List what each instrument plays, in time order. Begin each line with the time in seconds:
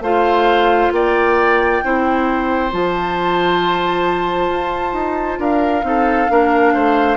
0.00 bassoon A3, clarinet F4, oboe C5, flute F5
0.91 bassoon A#3, oboe D5, flute G5
1.83 bassoon C4, clarinet E4, oboe C5
2.70 bassoon F3, clarinet F4, flute A5
4.49 bassoon F4
4.92 bassoon D#4
5.38 bassoon D4, oboe A#4, flute F5
5.82 bassoon C4, clarinet D#4, oboe A4
6.29 bassoon A#3, clarinet D4, oboe A#4
6.73 bassoon A3, oboe C5